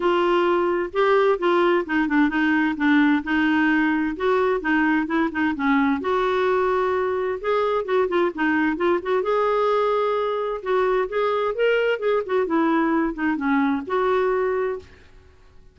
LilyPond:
\new Staff \with { instrumentName = "clarinet" } { \time 4/4 \tempo 4 = 130 f'2 g'4 f'4 | dis'8 d'8 dis'4 d'4 dis'4~ | dis'4 fis'4 dis'4 e'8 dis'8 | cis'4 fis'2. |
gis'4 fis'8 f'8 dis'4 f'8 fis'8 | gis'2. fis'4 | gis'4 ais'4 gis'8 fis'8 e'4~ | e'8 dis'8 cis'4 fis'2 | }